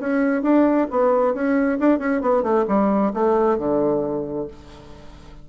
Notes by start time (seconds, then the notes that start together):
0.00 C#4
0.43 D4
0.91 B3
1.34 C#4
1.80 D4
1.99 C#4
2.22 B3
2.43 A3
2.68 G3
3.14 A3
3.58 D3